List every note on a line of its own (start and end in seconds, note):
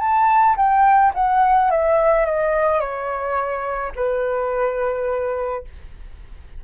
0.00 0.56 A5
0.57 1.13 G5
1.15 1.71 F#5
1.71 2.26 E5
2.26 2.80 D#5
2.80 3.93 C#5
3.96 5.64 B4